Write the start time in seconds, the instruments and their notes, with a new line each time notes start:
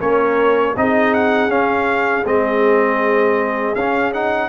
0.00 tuba A#3, trombone C#4, horn A#4, trumpet C#5
0.76 tuba C4, trombone D#4, horn G#4, trumpet D#5
1.14 trumpet F#5
1.48 tuba C#4, trombone C#4, trumpet F5
2.25 tuba G#3, trombone C4, trumpet D#5
3.75 tuba C#4, trombone C#4, trumpet F5
4.13 trombone D#4, trumpet F#5